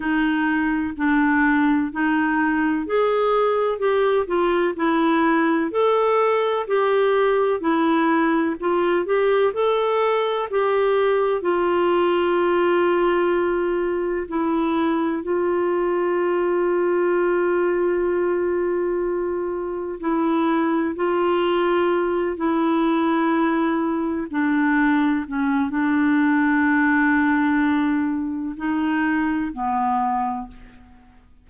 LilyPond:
\new Staff \with { instrumentName = "clarinet" } { \time 4/4 \tempo 4 = 63 dis'4 d'4 dis'4 gis'4 | g'8 f'8 e'4 a'4 g'4 | e'4 f'8 g'8 a'4 g'4 | f'2. e'4 |
f'1~ | f'4 e'4 f'4. e'8~ | e'4. d'4 cis'8 d'4~ | d'2 dis'4 b4 | }